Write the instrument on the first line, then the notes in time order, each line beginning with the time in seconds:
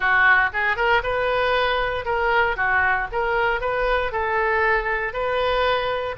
oboe
0.00 F#4
0.53 G#4
0.76 A#4
1.03 B4
2.05 A#4
2.56 F#4
3.12 A#4
3.60 B4
4.12 A4
5.13 B4